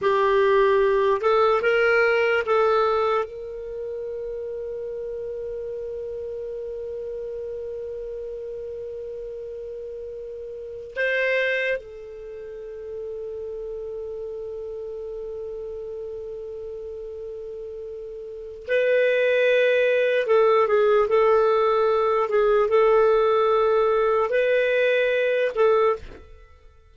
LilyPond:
\new Staff \with { instrumentName = "clarinet" } { \time 4/4 \tempo 4 = 74 g'4. a'8 ais'4 a'4 | ais'1~ | ais'1~ | ais'4. c''4 a'4.~ |
a'1~ | a'2. b'4~ | b'4 a'8 gis'8 a'4. gis'8 | a'2 b'4. a'8 | }